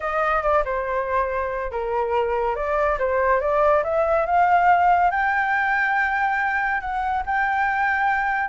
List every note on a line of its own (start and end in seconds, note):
0.00 0.42 D#5
0.42 0.63 D5
0.65 1.71 C5
1.71 2.55 A#4
2.55 2.98 D5
2.98 3.40 C5
3.40 3.83 D5
3.83 4.26 E5
4.26 5.10 F5
5.10 6.80 G5
6.80 7.23 F#5
7.26 8.49 G5